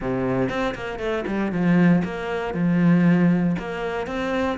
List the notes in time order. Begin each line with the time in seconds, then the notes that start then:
0.00 C3
0.49 C4
0.74 A#3
0.99 A3
1.26 G3
1.52 F3
2.04 A#3
2.54 F3
3.58 A#3
4.07 C4